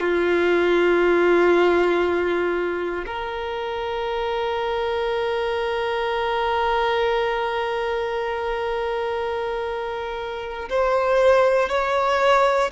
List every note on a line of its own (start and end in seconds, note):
0.00 3.05 F4
3.06 10.69 A#4
10.70 11.69 C5
11.69 12.71 C#5